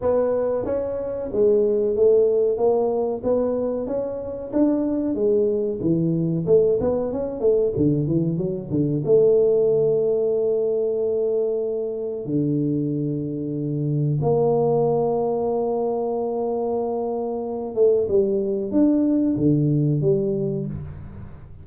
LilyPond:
\new Staff \with { instrumentName = "tuba" } { \time 4/4 \tempo 4 = 93 b4 cis'4 gis4 a4 | ais4 b4 cis'4 d'4 | gis4 e4 a8 b8 cis'8 a8 | d8 e8 fis8 d8 a2~ |
a2. d4~ | d2 ais2~ | ais2.~ ais8 a8 | g4 d'4 d4 g4 | }